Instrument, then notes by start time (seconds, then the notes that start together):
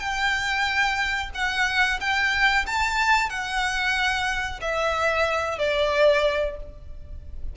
violin
0.00 G5
1.35 F#5
2.01 G5
2.67 A5
3.30 F#5
4.62 E5
5.59 D5